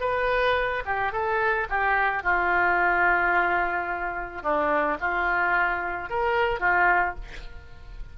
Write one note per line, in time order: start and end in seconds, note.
0.00 0.83 B4
0.85 1.12 G4
1.12 1.67 A4
1.69 2.23 G4
2.23 4.42 F4
4.42 4.97 D4
5.00 6.09 F4
6.09 6.60 A#4
6.60 7.15 F4